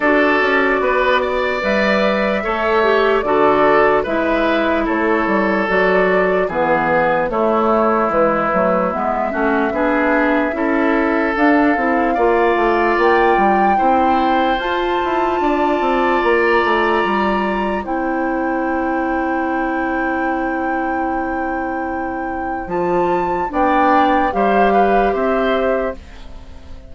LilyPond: <<
  \new Staff \with { instrumentName = "flute" } { \time 4/4 \tempo 4 = 74 d''2 e''2 | d''4 e''4 cis''4 d''4 | b'4 cis''4 b'4 e''4~ | e''2 f''2 |
g''2 a''2 | ais''2 g''2~ | g''1 | a''4 g''4 f''4 e''4 | }
  \new Staff \with { instrumentName = "oboe" } { \time 4/4 a'4 b'8 d''4. cis''4 | a'4 b'4 a'2 | gis'4 e'2~ e'8 fis'8 | gis'4 a'2 d''4~ |
d''4 c''2 d''4~ | d''2 c''2~ | c''1~ | c''4 d''4 c''8 b'8 c''4 | }
  \new Staff \with { instrumentName = "clarinet" } { \time 4/4 fis'2 b'4 a'8 g'8 | fis'4 e'2 fis'4 | b4 a4 gis8 a8 b8 cis'8 | d'4 e'4 d'8 e'8 f'4~ |
f'4 e'4 f'2~ | f'2 e'2~ | e'1 | f'4 d'4 g'2 | }
  \new Staff \with { instrumentName = "bassoon" } { \time 4/4 d'8 cis'8 b4 g4 a4 | d4 gis4 a8 g8 fis4 | e4 a4 e8 fis8 gis8 a8 | b4 cis'4 d'8 c'8 ais8 a8 |
ais8 g8 c'4 f'8 e'8 d'8 c'8 | ais8 a8 g4 c'2~ | c'1 | f4 b4 g4 c'4 | }
>>